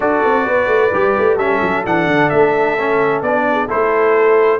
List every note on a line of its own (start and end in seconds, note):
0.00 0.23 D4
0.00 0.90 F#4
0.00 0.46 A4
0.00 1.37 D5
0.24 0.46 C4
0.46 0.67 B3
0.46 1.36 B4
0.67 0.90 A3
0.93 1.17 G3
0.93 1.39 G4
1.18 1.36 A3
1.36 1.59 G3
1.36 1.85 C#4
1.36 3.43 A4
1.36 1.84 E5
1.61 1.84 F#3
1.85 2.06 E3
1.85 2.77 D4
1.85 2.29 F#5
2.06 2.30 D3
2.29 3.22 A3
2.29 3.22 E5
2.79 3.24 C#4
3.22 3.68 B3
3.22 3.68 D4
3.22 3.68 D5
3.51 3.67 G#4
3.67 4.59 A3
3.67 4.59 E4
3.67 4.59 A4
3.67 4.59 C5